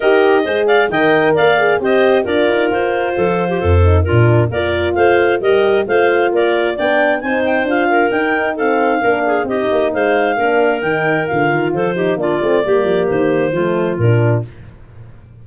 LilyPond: <<
  \new Staff \with { instrumentName = "clarinet" } { \time 4/4 \tempo 4 = 133 dis''4. f''8 g''4 f''4 | dis''4 d''4 c''2~ | c''4 ais'4 d''4 f''4 | dis''4 f''4 d''4 g''4 |
gis''8 g''8 f''4 g''4 f''4~ | f''4 dis''4 f''2 | g''4 f''4 c''4 d''4~ | d''4 c''2 ais'4 | }
  \new Staff \with { instrumentName = "clarinet" } { \time 4/4 ais'4 c''8 d''8 dis''4 d''4 | c''4 ais'2 a'8. g'16 | a'4 f'4 ais'4 c''4 | ais'4 c''4 ais'4 d''4 |
c''4. ais'4. a'4 | ais'8 gis'8 g'4 c''4 ais'4~ | ais'2 a'8 g'8 f'4 | g'2 f'2 | }
  \new Staff \with { instrumentName = "horn" } { \time 4/4 g'4 gis'4 ais'4. gis'8 | g'4 f'2.~ | f'8 dis'8 d'4 f'2 | g'4 f'2 d'4 |
dis'4 f'4 dis'4 c'4 | d'4 dis'2 d'4 | dis'4 f'4. dis'8 d'8 c'8 | ais2 a4 d'4 | }
  \new Staff \with { instrumentName = "tuba" } { \time 4/4 dis'4 gis4 dis4 ais4 | c'4 d'8 dis'8 f'4 f4 | f,4 ais,4 ais4 a4 | g4 a4 ais4 b4 |
c'4 d'4 dis'2 | ais4 c'8 ais8 gis4 ais4 | dis4 d8 dis8 f4 ais8 a8 | g8 f8 dis4 f4 ais,4 | }
>>